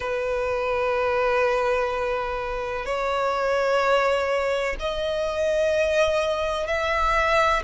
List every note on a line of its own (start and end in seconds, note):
0.00 2.85 B4
2.85 4.76 C#5
4.79 6.67 D#5
6.67 7.62 E5